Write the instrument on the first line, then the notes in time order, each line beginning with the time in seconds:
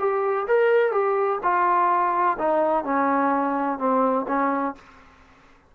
trombone
0.00 G4
0.48 A#4
0.92 G4
1.43 F4
2.39 D#4
2.85 C#4
3.79 C4
4.28 C#4